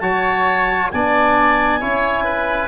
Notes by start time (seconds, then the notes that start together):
0.00 F#3 F#4 C#5 A5
0.91 B3 D4 D5 G#5
1.81 C#4 E4 C#5
2.25 B4